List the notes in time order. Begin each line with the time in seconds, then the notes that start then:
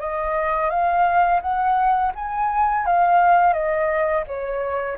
0.00 D#5
0.70 F5
1.41 F#5
2.15 G#5
2.86 F5
3.53 D#5
4.27 C#5